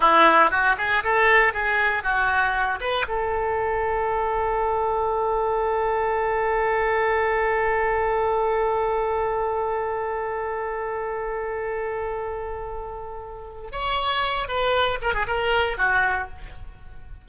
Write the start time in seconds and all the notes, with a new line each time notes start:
0.00 E4
0.50 F#4
0.77 G#4
1.03 A4
1.53 G#4
2.03 F#4
2.80 B4
3.08 A4
13.71 C#5
14.48 B4
15.01 A#4
15.13 G#4
15.27 A#4
15.77 F#4